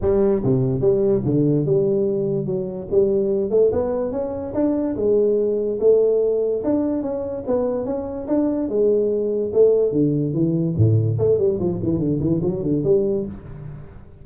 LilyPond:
\new Staff \with { instrumentName = "tuba" } { \time 4/4 \tempo 4 = 145 g4 c4 g4 d4 | g2 fis4 g4~ | g8 a8 b4 cis'4 d'4 | gis2 a2 |
d'4 cis'4 b4 cis'4 | d'4 gis2 a4 | d4 e4 a,4 a8 g8 | f8 e8 d8 e8 fis8 d8 g4 | }